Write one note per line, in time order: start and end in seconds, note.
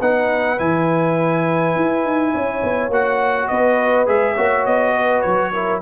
0.00 0.59 B3
0.00 0.58 D#4
0.00 2.33 B4
0.00 0.59 F#5
0.58 1.76 E3
0.58 2.91 E4
0.58 2.92 G#5
1.76 2.04 E4
2.04 2.33 D#4
2.34 2.63 C#4
2.34 3.50 C#5
2.63 2.89 B3
2.89 3.47 A#3
2.89 4.06 F#4
2.89 3.48 F#5
3.48 4.07 B3
3.48 4.34 B4
3.48 4.06 D#5
4.06 4.36 G#3
4.06 4.35 G#4
4.06 4.66 E5
4.34 4.66 A#3
4.34 5.53 F#4
4.34 4.93 C#5
4.66 5.24 B3
4.66 5.22 D#5
4.93 5.51 B4
5.22 5.82 F#3
5.22 5.80 C#5
5.53 5.82 E4
5.53 5.82 A#4